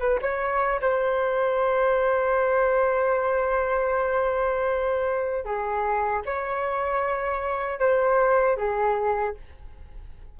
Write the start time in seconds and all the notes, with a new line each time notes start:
0.00 B4
0.22 C#5
0.81 C5
5.45 G#4
6.26 C#5
7.80 C5
8.57 G#4